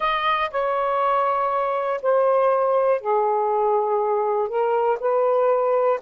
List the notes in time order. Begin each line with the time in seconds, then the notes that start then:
0.00 D#5
0.50 C#5
2.01 C5
3.00 G#4
4.48 A#4
5.00 B4